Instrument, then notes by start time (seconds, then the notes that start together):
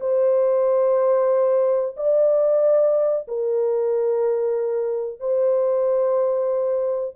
horn
0.00 C5
1.96 D5
3.28 A#4
5.20 C5